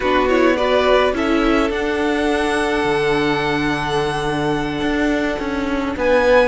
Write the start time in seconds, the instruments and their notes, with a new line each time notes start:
0.00 cello B3, viola D4, violin F#4 B4
0.28 viola E4, violin C#5
0.56 viola F#4, violin B4 D5
1.13 cello C#4, viola E4, violin A4 E5
1.69 cello D4, viola D4, violin F#5
2.83 cello D3
4.81 cello D4
5.39 cello C#4
5.96 cello B3, violin B4 G#5